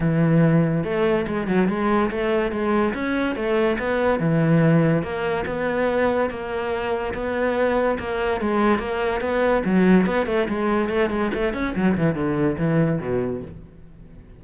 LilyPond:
\new Staff \with { instrumentName = "cello" } { \time 4/4 \tempo 4 = 143 e2 a4 gis8 fis8 | gis4 a4 gis4 cis'4 | a4 b4 e2 | ais4 b2 ais4~ |
ais4 b2 ais4 | gis4 ais4 b4 fis4 | b8 a8 gis4 a8 gis8 a8 cis'8 | fis8 e8 d4 e4 b,4 | }